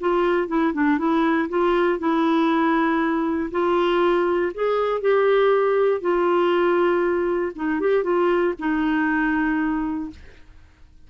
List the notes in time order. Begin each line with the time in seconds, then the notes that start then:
0.00 F4
0.48 E4
0.74 D4
0.98 E4
1.49 F4
1.99 E4
3.51 F4
4.54 G#4
5.01 G4
6.01 F4
7.55 D#4
7.80 G4
8.03 F4
8.59 D#4